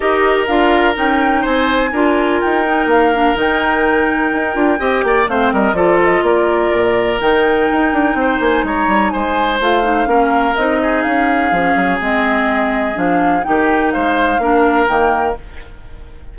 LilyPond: <<
  \new Staff \with { instrumentName = "flute" } { \time 4/4 \tempo 4 = 125 dis''4 f''4 g''4 gis''4~ | gis''4 g''4 f''4 g''4~ | g''2. f''8 dis''8 | d''8 dis''8 d''2 g''4~ |
g''4. gis''8 ais''4 gis''4 | f''2 dis''4 f''4~ | f''4 dis''2 f''4 | g''4 f''2 g''4 | }
  \new Staff \with { instrumentName = "oboe" } { \time 4/4 ais'2. c''4 | ais'1~ | ais'2 dis''8 d''8 c''8 ais'8 | a'4 ais'2.~ |
ais'4 c''4 cis''4 c''4~ | c''4 ais'4. gis'4.~ | gis'1 | g'4 c''4 ais'2 | }
  \new Staff \with { instrumentName = "clarinet" } { \time 4/4 g'4 f'4 dis'2 | f'4. dis'4 d'8 dis'4~ | dis'4. f'8 g'4 c'4 | f'2. dis'4~ |
dis'1 | f'8 dis'8 cis'4 dis'2 | cis'4 c'2 d'4 | dis'2 d'4 ais4 | }
  \new Staff \with { instrumentName = "bassoon" } { \time 4/4 dis'4 d'4 cis'4 c'4 | d'4 dis'4 ais4 dis4~ | dis4 dis'8 d'8 c'8 ais8 a8 g8 | f4 ais4 ais,4 dis4 |
dis'8 d'8 c'8 ais8 gis8 g8 gis4 | a4 ais4 c'4 cis'4 | f8 fis8 gis2 f4 | dis4 gis4 ais4 dis4 | }
>>